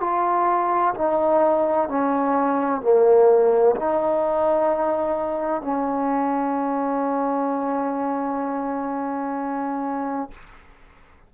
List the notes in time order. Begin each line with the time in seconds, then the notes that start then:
0.00 F4
0.95 D#4
1.88 C#4
2.81 A#3
3.75 D#4
5.62 C#4